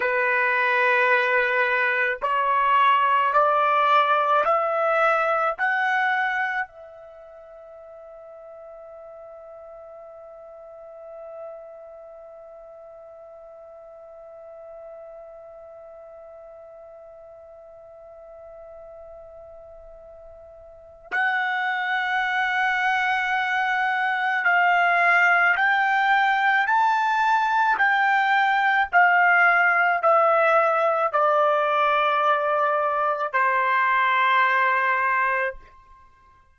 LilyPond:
\new Staff \with { instrumentName = "trumpet" } { \time 4/4 \tempo 4 = 54 b'2 cis''4 d''4 | e''4 fis''4 e''2~ | e''1~ | e''1~ |
e''2. fis''4~ | fis''2 f''4 g''4 | a''4 g''4 f''4 e''4 | d''2 c''2 | }